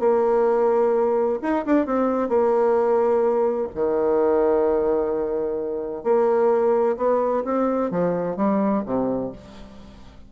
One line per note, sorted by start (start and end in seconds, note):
0.00 1.40 A#3
1.42 1.66 D#4
1.66 1.86 D4
1.86 2.29 C4
2.29 3.69 A#3
3.75 6.04 D#3
6.04 6.97 A#3
6.97 7.44 B3
7.45 7.91 C4
7.91 8.37 F3
8.37 8.83 G3
8.86 9.32 C3